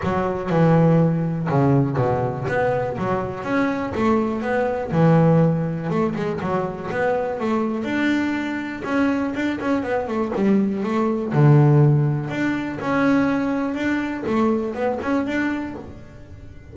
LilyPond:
\new Staff \with { instrumentName = "double bass" } { \time 4/4 \tempo 4 = 122 fis4 e2 cis4 | b,4 b4 fis4 cis'4 | a4 b4 e2 | a8 gis8 fis4 b4 a4 |
d'2 cis'4 d'8 cis'8 | b8 a8 g4 a4 d4~ | d4 d'4 cis'2 | d'4 a4 b8 cis'8 d'4 | }